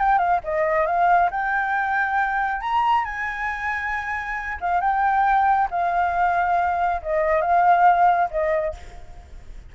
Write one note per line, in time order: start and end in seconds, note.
0.00 0.19 G5
0.19 0.40 F5
0.44 0.87 D#5
0.87 1.30 F5
1.31 2.61 G5
2.61 3.05 A#5
3.05 4.58 G#5
4.61 4.81 F5
4.81 5.69 G5
5.71 7.02 F5
7.03 7.42 D#5
7.42 8.30 F5
8.31 8.75 D#5